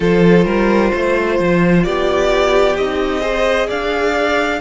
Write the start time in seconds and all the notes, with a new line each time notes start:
0.00 F3 F4 A4 C5
0.45 G3 A#4
0.93 A3 C5
1.39 F3
1.83 B3 G4 D5
2.76 C4 D#4 D#5
3.20 G#4 C5
3.67 D4 D5 F5